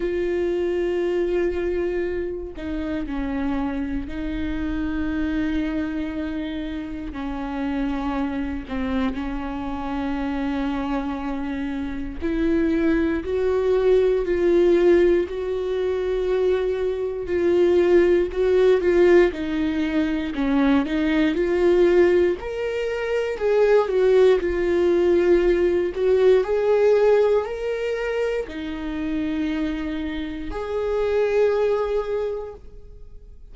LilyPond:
\new Staff \with { instrumentName = "viola" } { \time 4/4 \tempo 4 = 59 f'2~ f'8 dis'8 cis'4 | dis'2. cis'4~ | cis'8 c'8 cis'2. | e'4 fis'4 f'4 fis'4~ |
fis'4 f'4 fis'8 f'8 dis'4 | cis'8 dis'8 f'4 ais'4 gis'8 fis'8 | f'4. fis'8 gis'4 ais'4 | dis'2 gis'2 | }